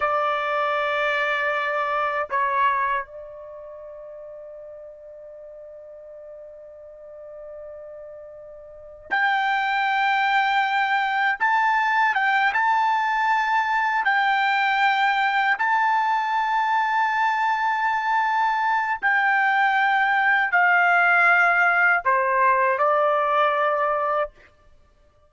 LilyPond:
\new Staff \with { instrumentName = "trumpet" } { \time 4/4 \tempo 4 = 79 d''2. cis''4 | d''1~ | d''1 | g''2. a''4 |
g''8 a''2 g''4.~ | g''8 a''2.~ a''8~ | a''4 g''2 f''4~ | f''4 c''4 d''2 | }